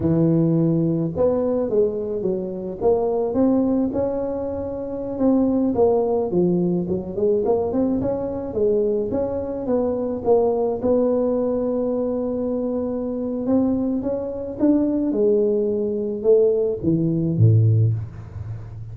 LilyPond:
\new Staff \with { instrumentName = "tuba" } { \time 4/4 \tempo 4 = 107 e2 b4 gis4 | fis4 ais4 c'4 cis'4~ | cis'4~ cis'16 c'4 ais4 f8.~ | f16 fis8 gis8 ais8 c'8 cis'4 gis8.~ |
gis16 cis'4 b4 ais4 b8.~ | b1 | c'4 cis'4 d'4 gis4~ | gis4 a4 e4 a,4 | }